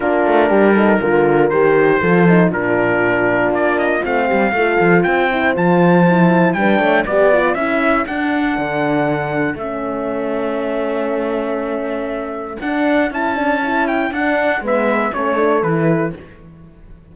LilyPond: <<
  \new Staff \with { instrumentName = "trumpet" } { \time 4/4 \tempo 4 = 119 ais'2. c''4~ | c''4 ais'2 d''8 dis''8 | f''2 g''4 a''4~ | a''4 g''4 d''4 e''4 |
fis''2. e''4~ | e''1~ | e''4 fis''4 a''4. g''8 | fis''4 e''4 cis''4 b'4 | }
  \new Staff \with { instrumentName = "horn" } { \time 4/4 f'4 g'8 a'8 ais'2 | a'4 f'2.~ | f'8 g'8 a'4 c''2~ | c''4 b'8 cis''8 d''4 a'4~ |
a'1~ | a'1~ | a'1~ | a'4 b'4 a'2 | }
  \new Staff \with { instrumentName = "horn" } { \time 4/4 d'4. dis'8 f'4 g'4 | f'8 dis'8 d'2. | c'4 f'4. e'8 f'4 | e'4 d'4 g'8 f'8 e'4 |
d'2. cis'4~ | cis'1~ | cis'4 d'4 e'8 d'8 e'4 | d'4 b4 cis'8 d'8 e'4 | }
  \new Staff \with { instrumentName = "cello" } { \time 4/4 ais8 a8 g4 d4 dis4 | f4 ais,2 ais4 | a8 g8 a8 f8 c'4 f4~ | f4 g8 a8 b4 cis'4 |
d'4 d2 a4~ | a1~ | a4 d'4 cis'2 | d'4 gis4 a4 e4 | }
>>